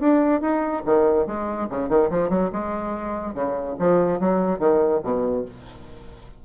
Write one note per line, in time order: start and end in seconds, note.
0.00 0.41 D4
0.41 0.83 D#4
0.86 1.27 D#3
1.27 1.68 G#3
1.70 1.89 C#3
1.89 2.10 D#3
2.10 2.29 F3
2.29 2.50 F#3
2.52 3.34 G#3
3.34 3.76 C#3
3.79 4.20 F3
4.20 4.59 F#3
4.59 5.01 D#3
5.03 5.45 B2